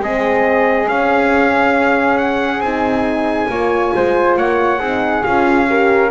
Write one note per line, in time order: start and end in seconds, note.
0.00 0.87 G#3
0.00 0.86 C4
0.00 3.51 G#4
0.00 0.89 D#5
0.86 2.60 C#4
0.86 2.61 C#4
0.86 2.18 F5
2.18 2.61 F#5
2.61 3.48 C4
2.61 3.50 D#4
2.61 4.35 G#5
3.50 3.93 A#3
3.50 4.80 F4
3.50 3.95 C#5
3.96 4.37 G#3
3.96 4.38 C5
4.37 4.80 A#3
4.37 4.80 C#5
4.37 5.24 F#5
4.80 5.24 C4
4.80 5.23 D#4
4.80 5.67 G#4
5.23 6.12 C#4
5.23 5.66 F4
5.23 6.11 F5
5.67 6.11 G4
5.67 6.12 A#4